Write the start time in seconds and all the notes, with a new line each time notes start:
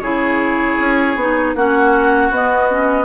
0.00 C#3 E4 G#4 C#5
0.79 C#4
1.16 B3 D#4
1.55 A#3 C#4 F#4 F#5
2.31 B3 D#5
2.70 C#4